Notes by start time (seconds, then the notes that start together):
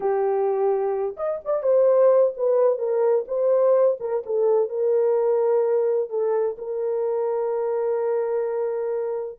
0.00 G4
1.16 D#5
1.44 D5
1.62 C5
2.36 B4
2.78 A#4
3.27 C5
4.00 A#4
4.26 A4
4.69 A#4
6.09 A4
6.58 A#4